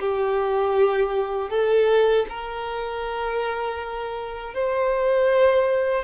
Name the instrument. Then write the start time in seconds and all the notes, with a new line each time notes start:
violin
0.00 G4
1.51 A4
2.30 A#4
4.54 C5